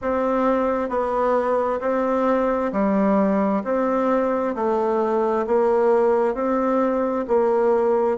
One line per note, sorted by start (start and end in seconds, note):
0.01 0.88 C4
0.88 1.79 B3
1.80 2.71 C4
2.72 3.63 G3
3.64 4.55 C4
4.55 5.45 A3
5.46 6.34 A#3
6.34 7.25 C4
7.27 8.17 A#3